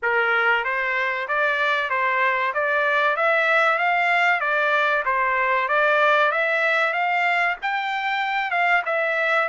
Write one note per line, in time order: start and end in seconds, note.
0.02 0.64 A#4
0.64 1.27 C5
1.28 1.89 D5
1.89 2.53 C5
2.54 3.16 D5
3.16 3.78 E5
3.78 4.40 F5
4.40 5.03 D5
5.05 5.68 C5
5.68 6.31 D5
6.31 6.93 E5
6.93 7.56 F5
7.61 8.50 G5
8.50 8.82 F5
8.85 9.48 E5